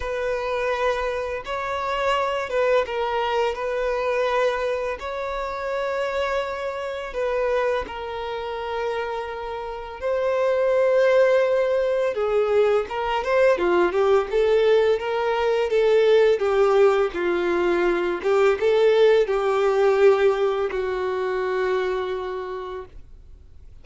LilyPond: \new Staff \with { instrumentName = "violin" } { \time 4/4 \tempo 4 = 84 b'2 cis''4. b'8 | ais'4 b'2 cis''4~ | cis''2 b'4 ais'4~ | ais'2 c''2~ |
c''4 gis'4 ais'8 c''8 f'8 g'8 | a'4 ais'4 a'4 g'4 | f'4. g'8 a'4 g'4~ | g'4 fis'2. | }